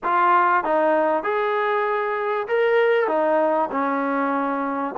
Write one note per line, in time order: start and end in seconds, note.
0.03 0.64 F4
0.64 1.23 D#4
1.23 2.47 G#4
2.48 3.07 A#4
3.07 3.69 D#4
3.71 4.95 C#4